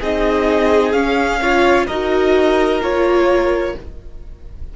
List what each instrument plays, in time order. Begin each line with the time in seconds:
0.00 cello C4, viola D#4, violin G#4 D#5
0.92 viola C#4, cello C#4, violin F5
1.42 viola F4, violin C#5
1.87 cello D#4, viola F#4, violin A#4 D#5
2.81 cello A#3, viola F4, violin C#5